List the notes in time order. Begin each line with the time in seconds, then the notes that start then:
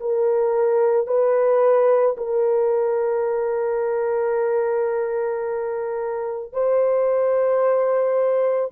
0.00 A#4
1.07 B4
2.18 A#4
6.53 C5